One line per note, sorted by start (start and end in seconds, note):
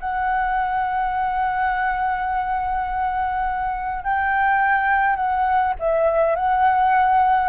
0.00 4.04 F#5
4.04 5.16 G5
5.16 5.74 F#5
5.79 6.36 E5
6.36 7.49 F#5